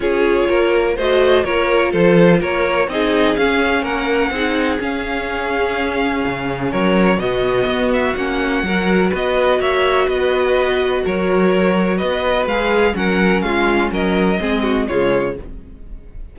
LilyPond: <<
  \new Staff \with { instrumentName = "violin" } { \time 4/4 \tempo 4 = 125 cis''2 dis''4 cis''4 | c''4 cis''4 dis''4 f''4 | fis''2 f''2~ | f''2 cis''4 dis''4~ |
dis''8 e''8 fis''2 dis''4 | e''4 dis''2 cis''4~ | cis''4 dis''4 f''4 fis''4 | f''4 dis''2 cis''4 | }
  \new Staff \with { instrumentName = "violin" } { \time 4/4 gis'4 ais'4 c''4 ais'4 | a'4 ais'4 gis'2 | ais'4 gis'2.~ | gis'2 ais'4 fis'4~ |
fis'2 ais'4 b'4 | cis''4 b'2 ais'4~ | ais'4 b'2 ais'4 | f'4 ais'4 gis'8 fis'8 f'4 | }
  \new Staff \with { instrumentName = "viola" } { \time 4/4 f'2 fis'4 f'4~ | f'2 dis'4 cis'4~ | cis'4 dis'4 cis'2~ | cis'2. b4~ |
b4 cis'4 fis'2~ | fis'1~ | fis'2 gis'4 cis'4~ | cis'2 c'4 gis4 | }
  \new Staff \with { instrumentName = "cello" } { \time 4/4 cis'4 ais4 a4 ais4 | f4 ais4 c'4 cis'4 | ais4 c'4 cis'2~ | cis'4 cis4 fis4 b,4 |
b4 ais4 fis4 b4 | ais4 b2 fis4~ | fis4 b4 gis4 fis4 | gis4 fis4 gis4 cis4 | }
>>